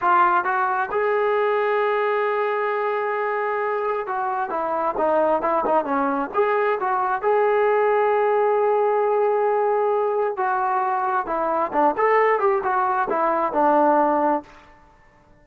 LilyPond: \new Staff \with { instrumentName = "trombone" } { \time 4/4 \tempo 4 = 133 f'4 fis'4 gis'2~ | gis'1~ | gis'4 fis'4 e'4 dis'4 | e'8 dis'8 cis'4 gis'4 fis'4 |
gis'1~ | gis'2. fis'4~ | fis'4 e'4 d'8 a'4 g'8 | fis'4 e'4 d'2 | }